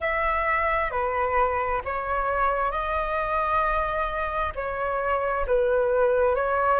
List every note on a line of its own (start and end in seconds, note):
0.00 0.90 E5
0.90 1.81 B4
1.84 2.71 C#5
2.71 4.52 D#5
4.55 5.45 C#5
5.46 6.35 B4
6.35 6.79 C#5